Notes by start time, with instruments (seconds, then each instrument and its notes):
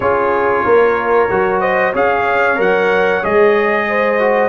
0.00 tuba C#4, trombone F4, horn G#4, trumpet C#5
0.65 tuba A#3, horn A#4
1.29 tuba F#3, trombone F#4
1.60 horn C5, trumpet D#5
1.92 tuba C#4, trombone G#4, horn C#5, trumpet F5
2.56 tuba F#3, trombone A#4, trumpet F#5
3.23 tuba G#3, trombone G#4, trumpet D#5
3.89 horn C5
4.19 trombone F#4